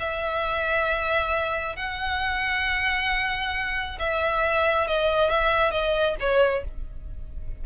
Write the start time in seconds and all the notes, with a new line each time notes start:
0.00 E5
1.76 F#5
4.00 E5
4.87 D#5
5.31 E5
5.72 D#5
6.20 C#5